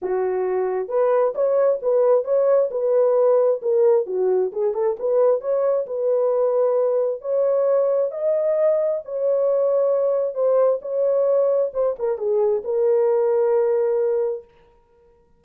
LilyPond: \new Staff \with { instrumentName = "horn" } { \time 4/4 \tempo 4 = 133 fis'2 b'4 cis''4 | b'4 cis''4 b'2 | ais'4 fis'4 gis'8 a'8 b'4 | cis''4 b'2. |
cis''2 dis''2 | cis''2. c''4 | cis''2 c''8 ais'8 gis'4 | ais'1 | }